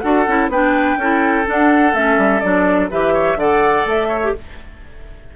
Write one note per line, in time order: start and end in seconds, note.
0.00 0.27 D4
0.00 0.27 F#4
0.00 0.51 A4
0.00 0.48 F#5
0.27 0.49 C#4
0.27 0.51 E4
0.49 0.97 B3
0.49 1.01 D4
0.49 0.99 B4
0.49 1.48 G5
0.97 1.45 C#4
0.97 1.46 E4
0.97 2.91 A4
1.46 1.94 D4
1.46 1.95 F#5
1.94 2.18 A3
1.94 2.43 C#4
1.94 2.40 E5
2.18 2.42 G3
2.40 2.92 F#3
2.40 2.91 D4
2.40 2.88 D5
2.91 3.36 E3
2.91 3.39 G4
2.91 3.14 B4
2.91 3.39 E5
3.14 3.38 C#5
3.36 3.84 D3
3.36 4.23 A4
3.36 4.08 D5
3.36 3.87 F#5
3.86 4.34 A3
3.86 4.36 E5
4.08 4.32 C#5
4.24 4.36 G4